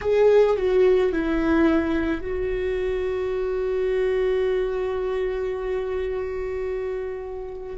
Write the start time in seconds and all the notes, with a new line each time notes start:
0.01 G#4
0.56 F#4
1.12 E4
2.21 F#4